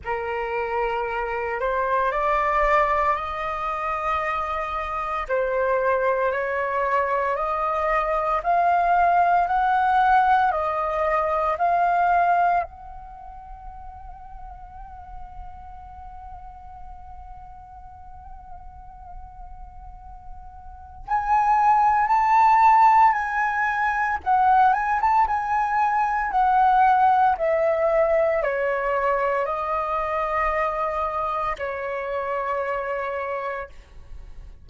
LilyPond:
\new Staff \with { instrumentName = "flute" } { \time 4/4 \tempo 4 = 57 ais'4. c''8 d''4 dis''4~ | dis''4 c''4 cis''4 dis''4 | f''4 fis''4 dis''4 f''4 | fis''1~ |
fis''1 | gis''4 a''4 gis''4 fis''8 gis''16 a''16 | gis''4 fis''4 e''4 cis''4 | dis''2 cis''2 | }